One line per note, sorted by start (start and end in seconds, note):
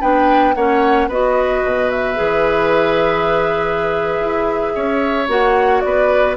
0.00 0.55 B3
0.00 0.54 D4
0.00 0.54 B4
0.00 0.54 G5
0.54 1.08 A#3
0.54 1.10 C#4
0.54 1.08 C#5
0.54 1.08 F#5
1.08 1.62 B3
1.08 2.14 F#4
1.08 4.73 B4
1.08 1.90 D#5
1.64 2.18 B2
1.90 5.28 E5
2.14 4.19 E3
2.14 5.25 G#4
4.19 4.73 E4
4.74 5.28 C#4
4.74 5.83 C#5
5.28 5.82 A#3
5.28 6.36 F#4
5.28 5.80 F#5
5.80 6.37 B3
5.80 6.37 B4
5.80 6.34 D5